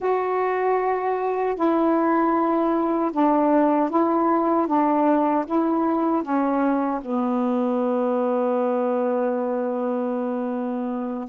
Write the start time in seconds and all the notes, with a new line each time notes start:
0.00 F#4
1.55 E4
3.12 D4
3.90 E4
4.67 D4
5.45 E4
6.23 C#4
7.01 B3